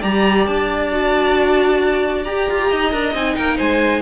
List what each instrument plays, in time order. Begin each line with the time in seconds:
0.00 cello G3, viola G4, violin D5 A#5
0.47 cello D4, violin A5
0.92 viola F#4
2.25 viola G4, cello G4, violin A#5
2.50 cello F4
2.70 cello D#4, violin D#5
2.92 cello D4, viola A#4
3.15 cello C4, viola D#4, violin G#5
3.36 cello A#3, violin A#4 G5
3.57 cello G#3, violin C5 G#5